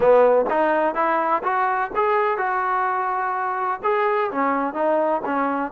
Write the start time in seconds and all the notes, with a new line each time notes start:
0.00 B3
0.50 D#4
0.94 E4
1.43 F#4
1.95 G#4
2.37 F#4
3.83 G#4
4.31 C#4
4.74 D#4
5.25 C#4